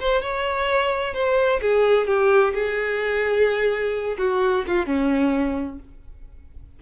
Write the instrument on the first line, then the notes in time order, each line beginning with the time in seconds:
violin
0.00 C5
0.22 C#5
1.14 C5
1.62 G#4
2.07 G4
2.54 G#4
4.18 F#4
4.67 F4
4.86 C#4